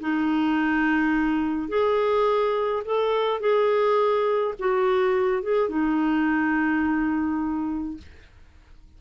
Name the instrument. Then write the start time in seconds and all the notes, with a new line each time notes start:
clarinet
0.00 D#4
1.69 G#4
2.85 A4
3.40 G#4
4.59 F#4
5.43 G#4
5.69 D#4